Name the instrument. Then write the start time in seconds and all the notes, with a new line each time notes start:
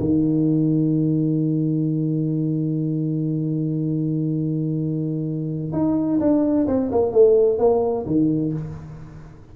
tuba
0.00 D#3
5.73 D#4
6.20 D4
6.68 C4
6.92 A#3
7.12 A3
7.59 A#3
8.06 D#3